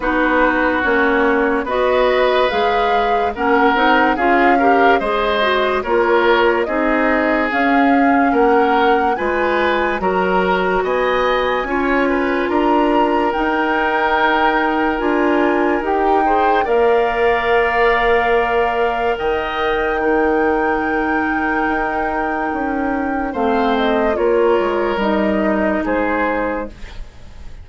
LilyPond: <<
  \new Staff \with { instrumentName = "flute" } { \time 4/4 \tempo 4 = 72 b'4 cis''4 dis''4 f''4 | fis''4 f''4 dis''4 cis''4 | dis''4 f''4 fis''4 gis''4 | ais''4 gis''2 ais''4 |
g''2 gis''4 g''4 | f''2. g''4~ | g''1 | f''8 dis''8 cis''4 dis''4 c''4 | }
  \new Staff \with { instrumentName = "oboe" } { \time 4/4 fis'2 b'2 | ais'4 gis'8 ais'8 c''4 ais'4 | gis'2 ais'4 b'4 | ais'4 dis''4 cis''8 b'8 ais'4~ |
ais'2.~ ais'8 c''8 | d''2. dis''4 | ais'1 | c''4 ais'2 gis'4 | }
  \new Staff \with { instrumentName = "clarinet" } { \time 4/4 dis'4 cis'4 fis'4 gis'4 | cis'8 dis'8 f'8 g'8 gis'8 fis'8 f'4 | dis'4 cis'2 f'4 | fis'2 f'2 |
dis'2 f'4 g'8 gis'8 | ais'1 | dis'1 | c'4 f'4 dis'2 | }
  \new Staff \with { instrumentName = "bassoon" } { \time 4/4 b4 ais4 b4 gis4 | ais8 c'8 cis'4 gis4 ais4 | c'4 cis'4 ais4 gis4 | fis4 b4 cis'4 d'4 |
dis'2 d'4 dis'4 | ais2. dis4~ | dis2 dis'4 cis'4 | a4 ais8 gis8 g4 gis4 | }
>>